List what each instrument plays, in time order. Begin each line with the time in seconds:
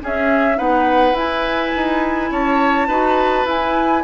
0.00 clarinet C#4, bassoon C#4, oboe G#4, flute E5
0.56 bassoon B3, clarinet D#4, oboe B4, flute F#5
1.12 bassoon E4, clarinet E4, flute G#5
1.75 bassoon D#4
2.31 bassoon C#4, oboe C#5, flute A5
2.87 bassoon D#4, clarinet F#4, oboe B4
3.44 bassoon E4, clarinet E4, flute G#5